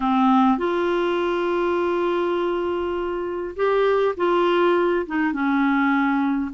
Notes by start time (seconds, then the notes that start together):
0.00 C4
0.58 F4
3.56 G4
4.17 F4
5.06 D#4
5.32 C#4